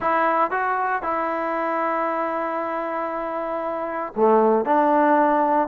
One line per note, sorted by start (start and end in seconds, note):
0.00 0.51 E4
0.51 1.02 F#4
1.02 4.12 E4
4.15 4.65 A3
4.65 5.68 D4